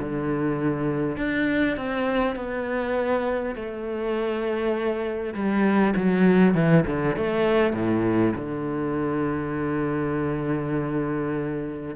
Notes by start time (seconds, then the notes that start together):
0.00 D3
1.17 D4
1.77 C4
2.36 B3
3.56 A3
5.35 G3
5.96 F#3
6.55 E3
6.87 D3
7.17 A3
7.73 A2
8.36 D3